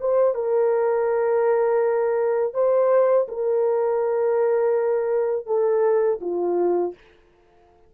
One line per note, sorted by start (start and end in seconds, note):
0.00 0.35 C5
0.35 2.54 A#4
2.54 3.27 C5
3.28 5.46 A#4
5.46 6.20 A4
6.21 6.94 F4